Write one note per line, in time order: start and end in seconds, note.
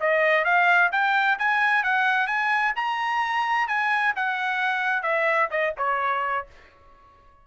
0.00 0.44 D#5
0.44 0.90 F5
0.92 1.38 G5
1.38 1.83 G#5
1.83 2.27 F#5
2.27 2.73 G#5
2.75 3.67 A#5
3.67 4.13 G#5
4.16 5.02 F#5
5.02 5.48 E5
5.50 5.74 D#5
5.77 6.46 C#5